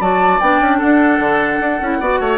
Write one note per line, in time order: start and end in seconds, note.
0.00 0.40 F#3
0.00 0.41 F#4
0.00 0.78 D5
0.00 0.40 A5
0.40 0.60 B3
0.40 1.82 D4
0.40 0.79 G5
0.60 0.80 C#4
0.78 1.19 D4
0.78 1.98 A4
0.78 2.38 F#5
1.19 1.59 D3
1.60 1.80 D4
1.81 2.00 C#4
1.81 2.01 E4
2.00 2.20 B3
2.00 2.38 F#4
2.00 2.20 D5
2.20 2.38 A3
2.20 2.38 C#5